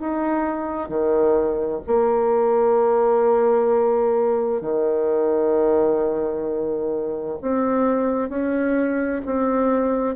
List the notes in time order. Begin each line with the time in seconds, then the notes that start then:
0.00 D#4
0.89 D#3
1.87 A#3
4.62 D#3
7.42 C4
8.30 C#4
9.26 C4